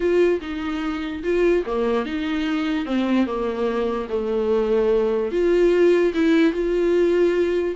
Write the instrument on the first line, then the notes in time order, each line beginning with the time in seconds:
viola
0.00 F4
0.41 D#4
1.23 F4
1.65 A#3
2.05 D#4
2.85 C4
3.26 A#3
4.09 A3
5.31 F4
6.13 E4
6.52 F4